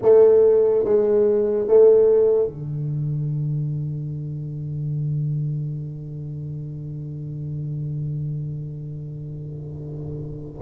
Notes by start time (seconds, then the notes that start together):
0.02 A3
0.84 G#3
1.67 A3
2.47 D3